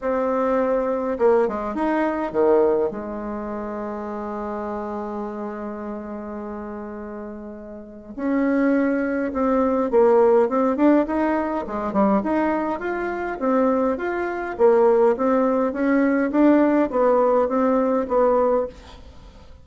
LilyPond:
\new Staff \with { instrumentName = "bassoon" } { \time 4/4 \tempo 4 = 103 c'2 ais8 gis8 dis'4 | dis4 gis2.~ | gis1~ | gis2 cis'2 |
c'4 ais4 c'8 d'8 dis'4 | gis8 g8 dis'4 f'4 c'4 | f'4 ais4 c'4 cis'4 | d'4 b4 c'4 b4 | }